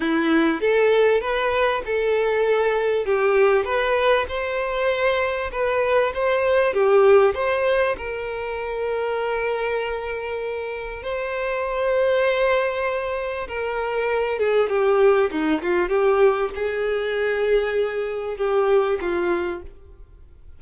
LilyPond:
\new Staff \with { instrumentName = "violin" } { \time 4/4 \tempo 4 = 98 e'4 a'4 b'4 a'4~ | a'4 g'4 b'4 c''4~ | c''4 b'4 c''4 g'4 | c''4 ais'2.~ |
ais'2 c''2~ | c''2 ais'4. gis'8 | g'4 dis'8 f'8 g'4 gis'4~ | gis'2 g'4 f'4 | }